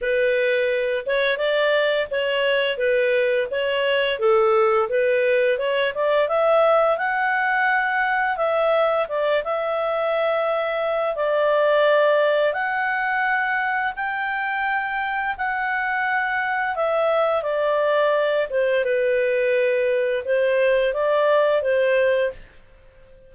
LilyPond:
\new Staff \with { instrumentName = "clarinet" } { \time 4/4 \tempo 4 = 86 b'4. cis''8 d''4 cis''4 | b'4 cis''4 a'4 b'4 | cis''8 d''8 e''4 fis''2 | e''4 d''8 e''2~ e''8 |
d''2 fis''2 | g''2 fis''2 | e''4 d''4. c''8 b'4~ | b'4 c''4 d''4 c''4 | }